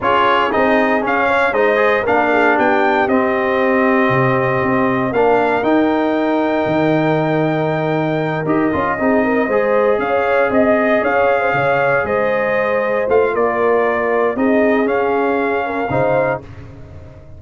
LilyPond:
<<
  \new Staff \with { instrumentName = "trumpet" } { \time 4/4 \tempo 4 = 117 cis''4 dis''4 f''4 dis''4 | f''4 g''4 dis''2~ | dis''2 f''4 g''4~ | g''1~ |
g''8 dis''2. f''8~ | f''8 dis''4 f''2 dis''8~ | dis''4. f''8 d''2 | dis''4 f''2. | }
  \new Staff \with { instrumentName = "horn" } { \time 4/4 gis'2~ gis'8 cis''8 c''4 | ais'8 gis'8 g'2.~ | g'2 ais'2~ | ais'1~ |
ais'4. gis'8 ais'8 c''4 cis''8~ | cis''8 dis''4 cis''8. c''16 cis''4 c''8~ | c''2 ais'2 | gis'2~ gis'8 ais'8 c''4 | }
  \new Staff \with { instrumentName = "trombone" } { \time 4/4 f'4 dis'4 cis'4 dis'8 gis'8 | d'2 c'2~ | c'2 d'4 dis'4~ | dis'1~ |
dis'8 g'8 f'8 dis'4 gis'4.~ | gis'1~ | gis'4. f'2~ f'8 | dis'4 cis'2 dis'4 | }
  \new Staff \with { instrumentName = "tuba" } { \time 4/4 cis'4 c'4 cis'4 gis4 | ais4 b4 c'2 | c4 c'4 ais4 dis'4~ | dis'4 dis2.~ |
dis8 dis'8 cis'8 c'4 gis4 cis'8~ | cis'8 c'4 cis'4 cis4 gis8~ | gis4. a8 ais2 | c'4 cis'2 cis4 | }
>>